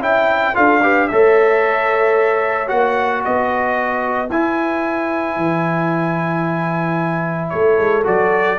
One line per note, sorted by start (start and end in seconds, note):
0.00 0.54 C#4
0.00 0.54 E4
0.00 0.55 E5
0.00 0.55 G5
0.54 1.10 D4
0.54 0.80 F4
0.54 0.82 A4
0.54 1.07 F5
0.82 1.09 G4
0.82 1.09 B4
1.07 2.71 A3
1.07 2.67 A4
1.07 3.24 C#5
1.07 2.68 E5
2.67 3.24 A#3
2.67 4.28 F#4
2.67 3.22 F#5
3.24 4.29 B3
3.24 7.52 B4
3.24 4.30 D#5
4.29 5.36 E4
4.29 8.03 E4
4.29 7.49 G#5
5.36 7.50 E3
7.49 7.78 A3
7.49 8.58 A4
7.49 8.02 C#5
7.78 8.05 G#3
8.03 8.58 F#3
8.03 8.57 F#4
8.03 8.58 D5